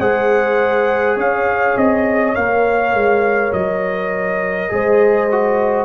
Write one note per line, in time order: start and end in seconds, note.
0.00 1.17 G#3
0.00 2.36 G#4
0.00 1.16 C5
0.00 1.18 F#5
1.16 1.75 C#4
1.16 4.69 C#5
1.16 1.78 F5
1.77 2.36 C4
1.77 2.35 D#5
2.35 2.94 A#3
2.35 4.69 A#4
2.35 3.53 F5
2.94 3.52 G#3
3.53 4.71 F#3
3.53 5.85 D#5
4.69 5.85 G#3
4.69 5.28 G#4
4.69 5.85 C5
5.31 5.85 F#4